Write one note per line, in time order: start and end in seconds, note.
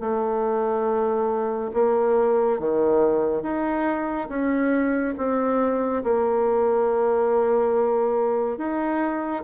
0.00 1.71 A3
1.73 2.59 A#3
2.59 3.42 D#3
3.42 4.28 D#4
4.29 5.14 C#4
5.17 6.03 C4
6.04 8.58 A#3
8.58 9.43 D#4